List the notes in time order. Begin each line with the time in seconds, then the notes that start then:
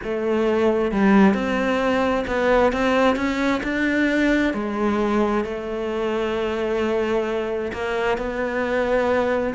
0.03 A3
0.91 G3
1.34 C4
2.27 B3
2.72 C4
3.16 C#4
3.63 D4
4.53 G#3
5.44 A3
7.73 A#3
8.17 B3